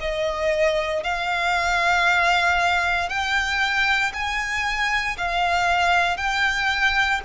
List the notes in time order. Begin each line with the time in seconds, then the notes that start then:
0.00 D#5
1.03 F5
3.09 G5
4.13 G#5
5.17 F5
6.17 G5